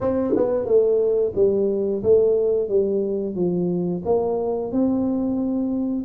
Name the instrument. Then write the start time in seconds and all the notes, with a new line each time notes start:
tuba
0.00 C4
0.36 B3
0.65 A3
1.35 G3
2.03 A3
2.68 G3
3.35 F3
4.05 A#3
4.72 C4